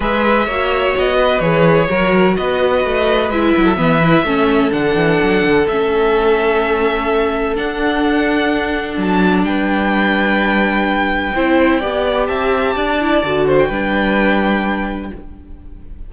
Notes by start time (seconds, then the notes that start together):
0.00 G#3 G#4 B4 E5
0.46 A#3 F#4 C#5
0.98 B3 D#5
1.15 B4
1.39 E3 G#4 C#5
1.89 F#3 F#4 A#4
2.36 B3 B4 D#5
2.84 A3
3.29 G#3 E4 E5
3.56 F#3
3.64 A4
3.76 E3 B3 B4
4.02 E4
4.23 A3 C#4 A4
4.70 D3 D4 F#5
4.95 E3
5.22 F#3
5.42 D3
5.67 A3 C#4 E5
7.55 D4 F#5
8.97 F#3 A5
9.43 G3 B4 G5
11.34 C4 E4 C5
11.79 B3 G4 D5
12.26 C4 E5 A5
12.75 D4 D5
13.00 E4
13.23 D3 F#4
13.46 C5
13.59 G5
13.68 G3 D4 B4